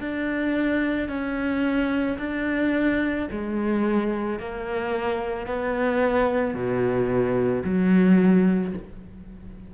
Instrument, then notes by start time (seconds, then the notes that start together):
cello
0.00 D4
1.09 C#4
2.18 D4
3.31 G#3
4.39 A#3
5.46 B3
6.54 B2
7.64 F#3